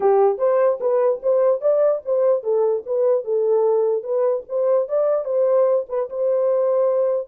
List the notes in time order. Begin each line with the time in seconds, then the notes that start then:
0.00 G4
0.38 C5
0.80 B4
1.22 C5
1.61 D5
2.05 C5
2.43 A4
2.86 B4
3.24 A4
4.03 B4
4.49 C5
4.88 D5
5.25 C5
5.88 B4
6.09 C5